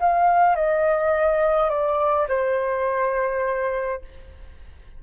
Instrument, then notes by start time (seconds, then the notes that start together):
flute
0.00 F5
0.56 D#5
1.69 D5
2.29 C5